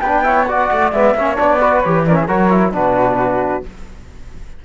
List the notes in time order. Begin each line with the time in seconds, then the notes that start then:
0.00 B3 D4 B4 G5
0.23 E4 C#5
0.44 F#4 D5 F#5
0.71 A3
0.91 G#3 B3 E5
1.14 A#3 C#4 C#5
1.35 B3 D4 D5
1.59 F#4 B4
1.79 E3 G4 C#5
2.06 C#4 A#4 D5
2.15 G#4 E5
2.26 F#3 F#4 A#4 C#5
2.50 E4
2.72 B2 D4 F#4 B4